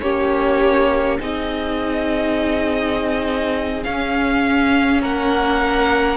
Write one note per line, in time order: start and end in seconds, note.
0.00 1.19 A#3
0.00 1.19 C#4
0.00 1.19 G4
0.00 1.18 C#5
1.19 3.84 C4
1.19 3.84 D#4
1.19 5.01 G#4
1.19 3.83 D#5
3.83 6.17 C#4
3.83 5.01 C#4
3.83 5.01 F5
5.01 6.17 A#3
5.01 6.17 A#4
5.01 6.17 F#5